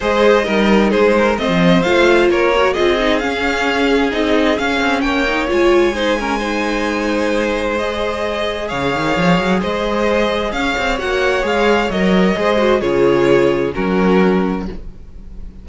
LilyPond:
<<
  \new Staff \with { instrumentName = "violin" } { \time 4/4 \tempo 4 = 131 dis''2 c''4 dis''4 | f''4 cis''4 dis''4 f''4~ | f''4 dis''4 f''4 g''4 | gis''1~ |
gis''4 dis''2 f''4~ | f''4 dis''2 f''4 | fis''4 f''4 dis''2 | cis''2 ais'2 | }
  \new Staff \with { instrumentName = "violin" } { \time 4/4 c''4 ais'4 gis'8 ais'8 c''4~ | c''4 ais'4 gis'2~ | gis'2. cis''4~ | cis''4 c''8 ais'8 c''2~ |
c''2. cis''4~ | cis''4 c''2 cis''4~ | cis''2. c''4 | gis'2 fis'2 | }
  \new Staff \with { instrumentName = "viola" } { \time 4/4 gis'4 dis'2 c'4 | f'4. fis'8 f'8 dis'8 cis'4~ | cis'4 dis'4 cis'4. dis'8 | f'4 dis'8 cis'8 dis'2~ |
dis'4 gis'2.~ | gis'1 | fis'4 gis'4 ais'4 gis'8 fis'8 | f'2 cis'2 | }
  \new Staff \with { instrumentName = "cello" } { \time 4/4 gis4 g4 gis4 a16 f8. | a4 ais4 c'4 cis'4~ | cis'4 c'4 cis'8 c'8 ais4 | gis1~ |
gis2. cis8 dis8 | f8 fis8 gis2 cis'8 c'8 | ais4 gis4 fis4 gis4 | cis2 fis2 | }
>>